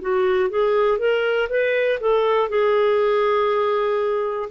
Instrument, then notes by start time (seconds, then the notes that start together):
clarinet
0.00 F#4
0.50 G#4
0.98 A#4
1.49 B4
2.00 A4
2.49 G#4